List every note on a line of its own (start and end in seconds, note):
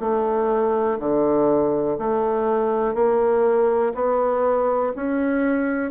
0.00 0.98 A3
0.99 1.97 D3
1.98 2.94 A3
2.94 3.93 A#3
3.94 4.93 B3
4.95 5.91 C#4